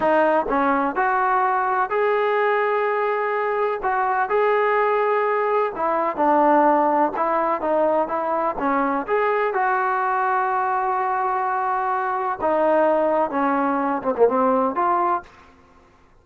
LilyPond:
\new Staff \with { instrumentName = "trombone" } { \time 4/4 \tempo 4 = 126 dis'4 cis'4 fis'2 | gis'1 | fis'4 gis'2. | e'4 d'2 e'4 |
dis'4 e'4 cis'4 gis'4 | fis'1~ | fis'2 dis'2 | cis'4. c'16 ais16 c'4 f'4 | }